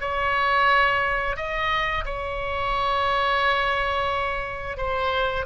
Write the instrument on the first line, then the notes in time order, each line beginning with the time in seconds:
oboe
0.00 C#5
1.36 D#5
2.05 C#5
4.77 C5